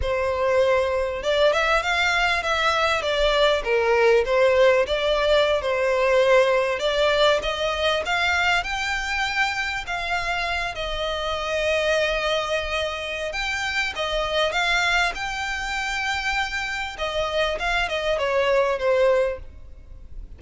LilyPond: \new Staff \with { instrumentName = "violin" } { \time 4/4 \tempo 4 = 99 c''2 d''8 e''8 f''4 | e''4 d''4 ais'4 c''4 | d''4~ d''16 c''2 d''8.~ | d''16 dis''4 f''4 g''4.~ g''16~ |
g''16 f''4. dis''2~ dis''16~ | dis''2 g''4 dis''4 | f''4 g''2. | dis''4 f''8 dis''8 cis''4 c''4 | }